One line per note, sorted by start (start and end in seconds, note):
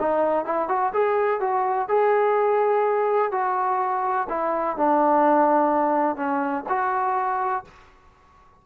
0.00 0.45 D#4
0.45 0.69 E4
0.69 0.93 F#4
0.93 1.41 G#4
1.41 1.89 F#4
1.89 3.32 G#4
3.32 4.28 F#4
4.30 4.77 E4
4.77 6.16 D4
6.16 6.64 C#4
6.69 7.65 F#4